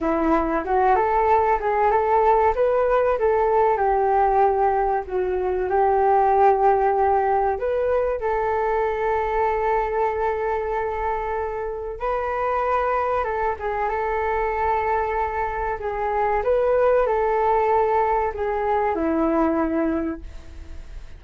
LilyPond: \new Staff \with { instrumentName = "flute" } { \time 4/4 \tempo 4 = 95 e'4 fis'8 a'4 gis'8 a'4 | b'4 a'4 g'2 | fis'4 g'2. | b'4 a'2.~ |
a'2. b'4~ | b'4 a'8 gis'8 a'2~ | a'4 gis'4 b'4 a'4~ | a'4 gis'4 e'2 | }